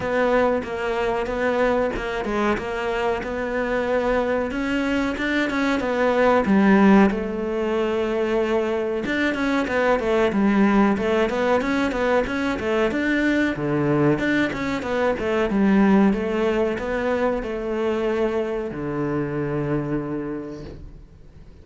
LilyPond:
\new Staff \with { instrumentName = "cello" } { \time 4/4 \tempo 4 = 93 b4 ais4 b4 ais8 gis8 | ais4 b2 cis'4 | d'8 cis'8 b4 g4 a4~ | a2 d'8 cis'8 b8 a8 |
g4 a8 b8 cis'8 b8 cis'8 a8 | d'4 d4 d'8 cis'8 b8 a8 | g4 a4 b4 a4~ | a4 d2. | }